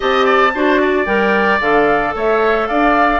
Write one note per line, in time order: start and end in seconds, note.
0.00 0.54 C4
0.00 0.50 G4
0.00 0.25 D#5
0.00 1.05 A5
0.25 0.52 D5
0.54 1.06 D4
0.54 1.05 F#4
0.54 0.81 C5
0.81 2.15 D5
1.05 1.60 G3
1.05 1.59 A#4
1.05 1.59 G5
1.60 2.14 D3
1.60 3.20 A4
1.60 2.14 F5
2.15 2.68 A3
2.15 2.68 C#5
2.15 2.67 E5
2.67 3.20 D4
2.67 3.20 D5
2.67 3.20 F5